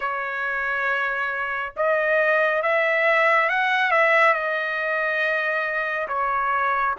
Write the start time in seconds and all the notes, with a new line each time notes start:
0.00 C#5
1.76 D#5
2.62 E5
3.49 F#5
3.91 E5
4.33 D#5
6.08 C#5